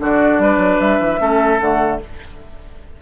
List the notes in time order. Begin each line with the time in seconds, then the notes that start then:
0.00 D3 D4 F#4 D5
0.38 G3 B4
0.57 F#3
0.80 G3 E5
0.99 E3
1.19 A3 C#4 A4
1.60 D3 A3 F#5